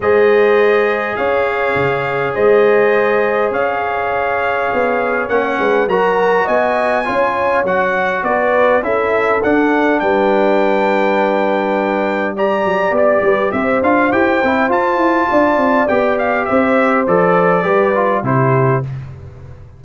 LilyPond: <<
  \new Staff \with { instrumentName = "trumpet" } { \time 4/4 \tempo 4 = 102 dis''2 f''2 | dis''2 f''2~ | f''4 fis''4 ais''4 gis''4~ | gis''4 fis''4 d''4 e''4 |
fis''4 g''2.~ | g''4 ais''4 d''4 e''8 f''8 | g''4 a''2 g''8 f''8 | e''4 d''2 c''4 | }
  \new Staff \with { instrumentName = "horn" } { \time 4/4 c''2 cis''2 | c''2 cis''2~ | cis''4. b'8 ais'4 dis''4 | cis''2 b'4 a'4~ |
a'4 b'2.~ | b'4 d''4. b'8 c''4~ | c''2 d''2 | c''2 b'4 g'4 | }
  \new Staff \with { instrumentName = "trombone" } { \time 4/4 gis'1~ | gis'1~ | gis'4 cis'4 fis'2 | f'4 fis'2 e'4 |
d'1~ | d'4 g'2~ g'8 f'8 | g'8 e'8 f'2 g'4~ | g'4 a'4 g'8 f'8 e'4 | }
  \new Staff \with { instrumentName = "tuba" } { \time 4/4 gis2 cis'4 cis4 | gis2 cis'2 | b4 ais8 gis8 fis4 b4 | cis'4 fis4 b4 cis'4 |
d'4 g2.~ | g4. fis8 b8 g8 c'8 d'8 | e'8 c'8 f'8 e'8 d'8 c'8 b4 | c'4 f4 g4 c4 | }
>>